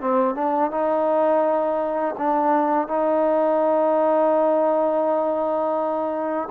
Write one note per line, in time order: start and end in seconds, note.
0.00 0.34 C4
0.34 0.70 D4
0.70 2.15 D#4
2.18 2.87 D4
2.87 6.49 D#4